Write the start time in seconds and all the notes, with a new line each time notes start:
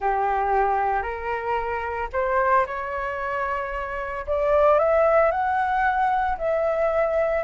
0.00 G4
1.02 A#4
2.12 C5
2.66 C#5
4.26 D5
4.78 E5
5.31 F#5
6.37 E5